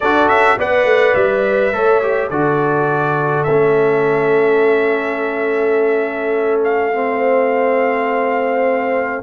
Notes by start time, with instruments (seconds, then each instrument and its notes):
0.00 tuba D4, trombone F#4, horn A4, trumpet D5
0.28 tuba C#4, trumpet E5
0.57 tuba B3, trombone B4, horn D5, trumpet F#5
0.84 tuba A3
1.14 tuba G3, trumpet E5
1.72 tuba A3, trombone A4, horn C#5
2.02 trombone G4
2.29 tuba D3, trombone F#4, horn A4, trumpet D5
3.43 tuba A3, trombone C#4, trumpet E5
6.64 trumpet F5
6.93 trombone C4
7.09 horn C5